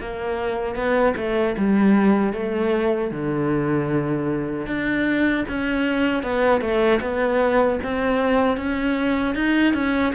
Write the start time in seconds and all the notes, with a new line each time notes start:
0.00 A#3
0.75 B3
1.17 A3
1.57 G3
2.33 A3
3.11 D3
4.66 D4
5.49 C#4
6.23 B3
6.61 A3
7.01 B3
7.83 C4
8.57 C#4
9.35 D#4
9.74 C#4